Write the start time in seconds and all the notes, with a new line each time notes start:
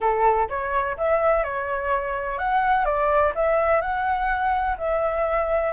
0.00 A4
0.49 C#5
0.97 E5
1.43 C#5
2.38 F#5
2.85 D5
3.35 E5
3.81 F#5
4.77 E5